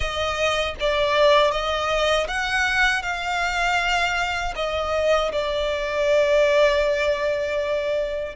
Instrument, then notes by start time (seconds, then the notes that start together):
violin
0.00 D#5
0.79 D5
1.51 D#5
2.28 F#5
3.02 F5
4.55 D#5
5.32 D5